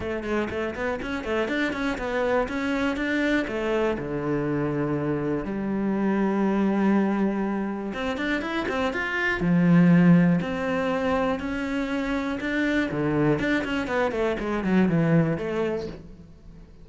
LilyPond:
\new Staff \with { instrumentName = "cello" } { \time 4/4 \tempo 4 = 121 a8 gis8 a8 b8 cis'8 a8 d'8 cis'8 | b4 cis'4 d'4 a4 | d2. g4~ | g1 |
c'8 d'8 e'8 c'8 f'4 f4~ | f4 c'2 cis'4~ | cis'4 d'4 d4 d'8 cis'8 | b8 a8 gis8 fis8 e4 a4 | }